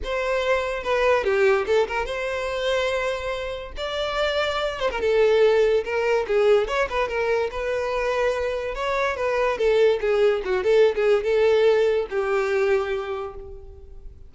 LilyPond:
\new Staff \with { instrumentName = "violin" } { \time 4/4 \tempo 4 = 144 c''2 b'4 g'4 | a'8 ais'8 c''2.~ | c''4 d''2~ d''8 c''16 ais'16 | a'2 ais'4 gis'4 |
cis''8 b'8 ais'4 b'2~ | b'4 cis''4 b'4 a'4 | gis'4 fis'8 a'8. gis'8. a'4~ | a'4 g'2. | }